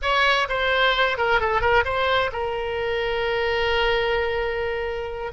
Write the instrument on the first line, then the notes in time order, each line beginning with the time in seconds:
oboe
0.01 C#5
0.48 C5
1.17 A#4
1.40 A4
1.61 A#4
1.84 C5
2.32 A#4